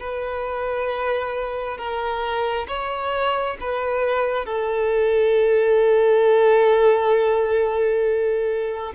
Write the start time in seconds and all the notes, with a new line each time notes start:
0.00 B4
1.78 A#4
2.68 C#5
3.61 B4
4.46 A4